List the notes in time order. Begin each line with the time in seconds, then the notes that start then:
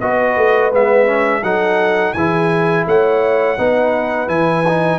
0.00 B3 F#4 B4 D#5
0.36 A3
0.72 G#3 B3 E5
1.06 C#4
1.42 F#3 D#4 A4 F#5
2.13 E3 E4 G#4 G#5
2.86 A3 C#5 F#5
3.57 B3 D#4 B4
4.27 E3 E4 G#5
4.68 D#4